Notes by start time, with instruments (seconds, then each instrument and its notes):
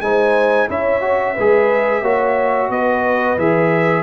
0.00 tuba G#3, trombone D#4, horn C5, trumpet G#5
0.68 tuba C#4, trombone E4, horn C#5, trumpet E5
1.01 trombone F#4
1.34 tuba G#3, trombone G#4, horn B4
2.01 tuba A#3, trombone F#4, horn C#5
2.69 tuba B3, horn B4, trumpet D#5
3.38 tuba E3, trombone G#4, trumpet E5